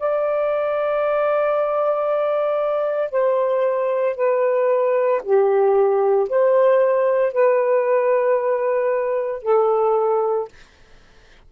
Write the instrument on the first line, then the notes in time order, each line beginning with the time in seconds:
saxophone
0.00 D5
3.11 C5
4.17 B4
5.24 G4
6.29 C5
7.33 B4
9.43 A4